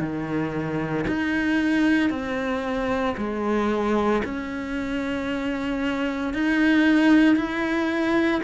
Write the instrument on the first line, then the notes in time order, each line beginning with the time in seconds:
cello
0.00 D#3
1.08 D#4
2.10 C4
3.17 G#3
4.24 C#4
6.33 D#4
7.36 E4